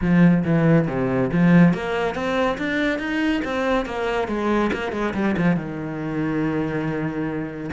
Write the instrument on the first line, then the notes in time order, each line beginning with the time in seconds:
cello
0.01 F3
0.44 E3
0.87 C3
1.32 F3
1.73 A#3
2.14 C4
2.57 D4
2.98 D#4
3.44 C4
3.85 A#3
4.28 G#3
4.73 A#3
4.92 G#3
5.14 G3
5.37 F3
5.56 D#3